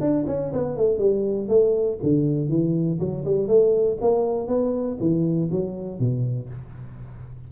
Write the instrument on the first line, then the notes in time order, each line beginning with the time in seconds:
tuba
0.00 D4
0.26 C#4
0.53 B3
0.76 A3
0.98 G3
1.48 A3
2.02 D3
2.49 E3
2.99 F#3
3.25 G3
3.47 A3
4.01 A#3
4.47 B3
5.00 E3
5.51 F#3
5.99 B2